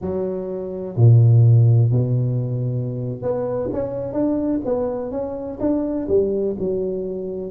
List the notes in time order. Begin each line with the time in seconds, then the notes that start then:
0.01 F#3
0.96 A#2
1.91 B2
3.22 B3
3.73 C#4
4.12 D4
4.65 B3
5.11 C#4
5.60 D4
6.08 G3
6.58 F#3